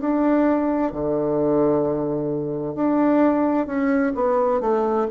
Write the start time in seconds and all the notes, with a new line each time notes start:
0.00 D4
0.92 D3
2.75 D4
3.66 C#4
4.15 B3
4.61 A3